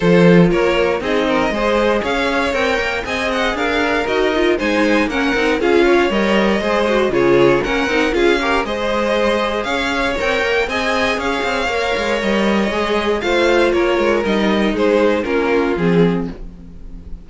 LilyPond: <<
  \new Staff \with { instrumentName = "violin" } { \time 4/4 \tempo 4 = 118 c''4 cis''4 dis''2 | f''4 g''4 gis''8 fis''8 f''4 | dis''4 gis''4 fis''4 f''4 | dis''2 cis''4 fis''4 |
f''4 dis''2 f''4 | g''4 gis''4 f''2 | dis''2 f''4 cis''4 | dis''4 c''4 ais'4 gis'4 | }
  \new Staff \with { instrumentName = "violin" } { \time 4/4 a'4 ais'4 gis'8 ais'8 c''4 | cis''2 dis''4 ais'4~ | ais'4 c''4 ais'4 gis'8 cis''8~ | cis''4 c''4 gis'4 ais'4 |
gis'8 ais'8 c''2 cis''4~ | cis''4 dis''4 cis''2~ | cis''2 c''4 ais'4~ | ais'4 gis'4 f'2 | }
  \new Staff \with { instrumentName = "viola" } { \time 4/4 f'2 dis'4 gis'4~ | gis'4 ais'4 gis'2 | fis'8 f'8 dis'4 cis'8 dis'8 f'4 | ais'4 gis'8 fis'8 f'4 cis'8 dis'8 |
f'8 g'8 gis'2. | ais'4 gis'2 ais'4~ | ais'4 gis'4 f'2 | dis'2 cis'4 c'4 | }
  \new Staff \with { instrumentName = "cello" } { \time 4/4 f4 ais4 c'4 gis4 | cis'4 c'8 ais8 c'4 d'4 | dis'4 gis4 ais8 c'8 cis'4 | g4 gis4 cis4 ais8 c'8 |
cis'4 gis2 cis'4 | c'8 ais8 c'4 cis'8 c'8 ais8 gis8 | g4 gis4 a4 ais8 gis8 | g4 gis4 ais4 f4 | }
>>